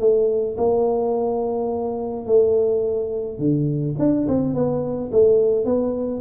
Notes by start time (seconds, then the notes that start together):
0.00 A3
0.57 A#3
2.26 A3
3.39 D3
3.99 D4
4.28 C4
4.54 B3
5.12 A3
5.65 B3